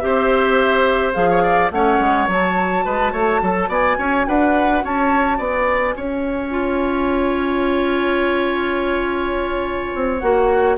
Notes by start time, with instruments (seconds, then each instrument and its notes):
0.00 bassoon C4, clarinet G4, oboe C5, flute E5
1.14 bassoon F3, clarinet G#4, flute F5
1.30 oboe C#5
1.43 oboe D5
1.71 bassoon A3, clarinet C#4, oboe C#5, flute F#5
2.00 bassoon G#3
2.28 bassoon F#3, clarinet F#4, flute A5
2.85 bassoon G#3, oboe B4
3.13 bassoon A3, oboe C#5
3.42 bassoon F#3, oboe A4
3.69 bassoon B3, oboe D5, flute G#5
3.98 bassoon C#4, oboe C#5
4.28 bassoon D4, oboe B4, flute F#5
4.84 bassoon C#4, oboe C#5, flute A5
5.38 bassoon B3, oboe D5, flute G#5
5.97 bassoon C#4, oboe C#5
6.51 clarinet F4
9.95 bassoon C4
10.19 bassoon A#3, clarinet F#4, flute F#5